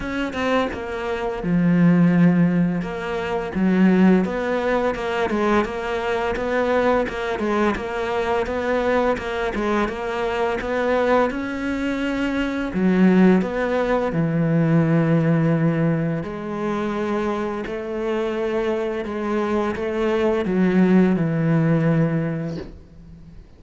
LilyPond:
\new Staff \with { instrumentName = "cello" } { \time 4/4 \tempo 4 = 85 cis'8 c'8 ais4 f2 | ais4 fis4 b4 ais8 gis8 | ais4 b4 ais8 gis8 ais4 | b4 ais8 gis8 ais4 b4 |
cis'2 fis4 b4 | e2. gis4~ | gis4 a2 gis4 | a4 fis4 e2 | }